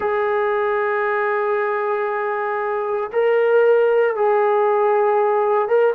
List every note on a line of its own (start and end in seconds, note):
0.00 3.10 G#4
3.12 4.15 A#4
4.15 5.68 G#4
5.68 5.94 A#4